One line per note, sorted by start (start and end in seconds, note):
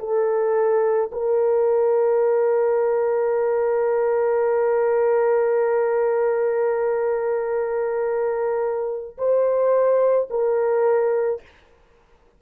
0.00 1.11 A4
1.12 9.18 A#4
9.18 10.29 C5
10.31 11.42 A#4